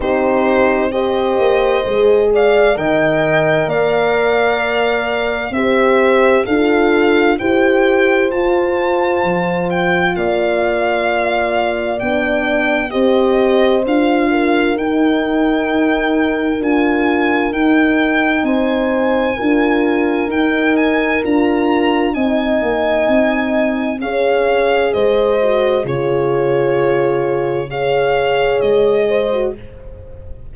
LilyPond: <<
  \new Staff \with { instrumentName = "violin" } { \time 4/4 \tempo 4 = 65 c''4 dis''4. f''8 g''4 | f''2 e''4 f''4 | g''4 a''4. g''8 f''4~ | f''4 g''4 dis''4 f''4 |
g''2 gis''4 g''4 | gis''2 g''8 gis''8 ais''4 | gis''2 f''4 dis''4 | cis''2 f''4 dis''4 | }
  \new Staff \with { instrumentName = "horn" } { \time 4/4 g'4 c''4. d''8 dis''4 | d''2 c''4 a'4 | c''2. d''4~ | d''2 c''4. ais'8~ |
ais'1 | c''4 ais'2. | dis''2 cis''4 c''4 | gis'2 cis''4. c''8 | }
  \new Staff \with { instrumentName = "horn" } { \time 4/4 dis'4 g'4 gis'4 ais'4~ | ais'2 g'4 f'4 | g'4 f'2.~ | f'4 d'4 g'4 f'4 |
dis'2 f'4 dis'4~ | dis'4 f'4 dis'4 f'4 | dis'2 gis'4. fis'8 | f'2 gis'4.~ gis'16 fis'16 | }
  \new Staff \with { instrumentName = "tuba" } { \time 4/4 c'4. ais8 gis4 dis4 | ais2 c'4 d'4 | e'4 f'4 f4 ais4~ | ais4 b4 c'4 d'4 |
dis'2 d'4 dis'4 | c'4 d'4 dis'4 d'4 | c'8 ais8 c'4 cis'4 gis4 | cis2. gis4 | }
>>